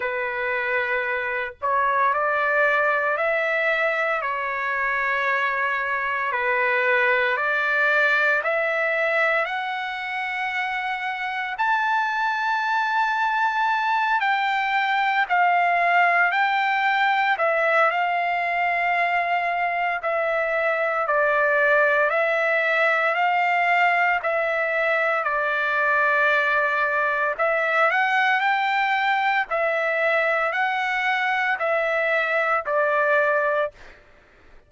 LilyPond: \new Staff \with { instrumentName = "trumpet" } { \time 4/4 \tempo 4 = 57 b'4. cis''8 d''4 e''4 | cis''2 b'4 d''4 | e''4 fis''2 a''4~ | a''4. g''4 f''4 g''8~ |
g''8 e''8 f''2 e''4 | d''4 e''4 f''4 e''4 | d''2 e''8 fis''8 g''4 | e''4 fis''4 e''4 d''4 | }